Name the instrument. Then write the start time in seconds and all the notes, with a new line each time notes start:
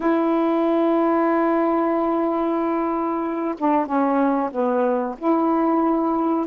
saxophone
0.00 E4
3.58 D4
3.86 C#4
4.51 B3
5.18 E4